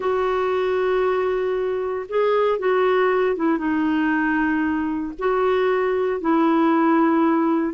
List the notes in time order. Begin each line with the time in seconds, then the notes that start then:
0.00 F#4
2.08 G#4
2.58 F#4
3.36 E4
3.57 D#4
5.18 F#4
6.20 E4